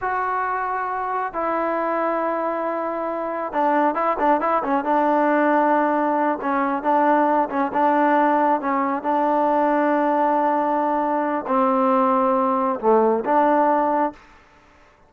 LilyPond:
\new Staff \with { instrumentName = "trombone" } { \time 4/4 \tempo 4 = 136 fis'2. e'4~ | e'1 | d'4 e'8 d'8 e'8 cis'8 d'4~ | d'2~ d'8 cis'4 d'8~ |
d'4 cis'8 d'2 cis'8~ | cis'8 d'2.~ d'8~ | d'2 c'2~ | c'4 a4 d'2 | }